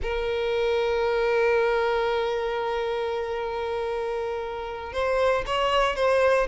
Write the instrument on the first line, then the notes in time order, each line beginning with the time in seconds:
violin
0.02 A#4
4.92 C5
5.46 C#5
5.95 C5